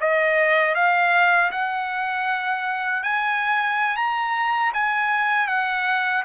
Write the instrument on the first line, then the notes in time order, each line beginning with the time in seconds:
trumpet
0.00 D#5
0.74 F5
1.51 F#5
3.03 G#5
3.96 A#5
4.73 G#5
5.47 F#5